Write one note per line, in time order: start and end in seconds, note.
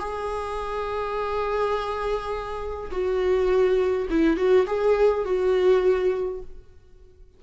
0.00 2.91 G#4
2.92 4.08 F#4
4.10 4.37 E4
4.37 4.66 F#4
4.67 5.25 G#4
5.25 6.42 F#4